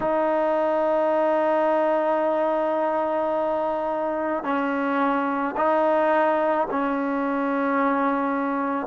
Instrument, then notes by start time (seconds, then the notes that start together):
trombone
0.00 D#4
4.43 C#4
5.56 D#4
6.70 C#4